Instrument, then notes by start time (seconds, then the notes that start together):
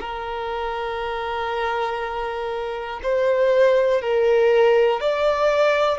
violin
0.00 A#4
3.03 C5
4.01 A#4
5.00 D5